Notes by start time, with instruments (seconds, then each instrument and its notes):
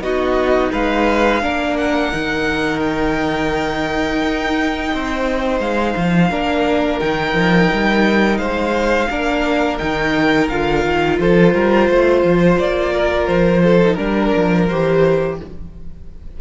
0.00 cello B3, viola D#4, violin F#4 D#5
0.72 cello G#3, violin B4 F5
1.42 cello A#3, viola D4, violin A#4
1.77 violin F#5
2.12 cello D#3, viola D#4
2.80 violin G5
4.22 cello D#4
4.93 cello C4, violin C5
5.60 cello G#3, violin F5
5.97 cello F3
6.31 cello A#3, viola D4, violin A#4
6.99 cello D#3, viola D#4, violin G5
7.34 cello F3
7.73 cello G3
8.37 cello G#3, violin C5 F5
9.10 cello A#3, viola D4, violin A#4
9.78 cello D#3, viola D#4, violin G5
10.49 cello D3, viola F4, violin F5
10.85 cello D#3
11.19 cello F3, violin A4 C5
11.54 cello G3, violin A#4
11.89 cello A3, violin C5
12.23 cello F3
12.59 cello A#3, violin D5
12.93 violin A#4
13.27 cello F3, violin C5
13.64 violin A4
13.81 viola D#4
13.94 cello G3, viola D4, violin A#4
14.36 cello F3
14.68 cello E3, viola G4, violin C5